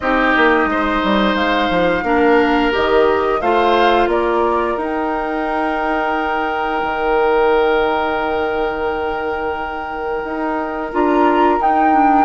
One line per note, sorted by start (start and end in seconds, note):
0.00 0.34 C4
0.00 2.05 D#4
0.00 0.70 G4
0.00 1.36 D#5
0.36 0.65 A#3
0.65 0.99 G#3
0.65 2.04 C5
1.03 1.35 G3
1.35 1.69 G#3
1.35 2.72 F5
1.70 2.03 F3
2.03 2.71 A#3
2.03 2.71 D4
2.03 3.40 A#4
2.71 3.41 D#3
2.71 3.39 G4
2.71 3.41 D#5
3.41 4.07 A3
3.41 4.78 F4
3.41 4.09 C5
3.41 4.09 F5
4.07 4.75 A#3
4.07 12.24 A#4
4.07 4.77 D5
4.77 6.82 D#4
4.77 10.91 D#4
4.77 10.91 G5
6.82 10.23 D#3
10.23 10.92 D#4
10.91 11.59 D4
10.91 11.59 F4
10.91 11.61 A#5
11.59 12.24 D#4
11.59 11.93 D#4
11.59 12.24 G5
11.93 12.24 D4